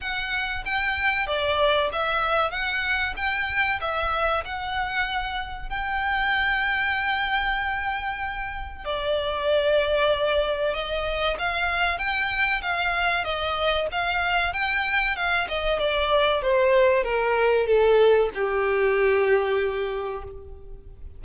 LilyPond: \new Staff \with { instrumentName = "violin" } { \time 4/4 \tempo 4 = 95 fis''4 g''4 d''4 e''4 | fis''4 g''4 e''4 fis''4~ | fis''4 g''2.~ | g''2 d''2~ |
d''4 dis''4 f''4 g''4 | f''4 dis''4 f''4 g''4 | f''8 dis''8 d''4 c''4 ais'4 | a'4 g'2. | }